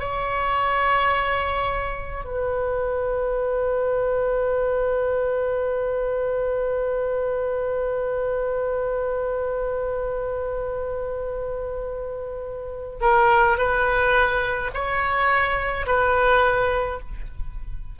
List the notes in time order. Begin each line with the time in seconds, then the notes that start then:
0.00 C#5
2.24 B4
13.01 A#4
13.58 B4
14.74 C#5
15.86 B4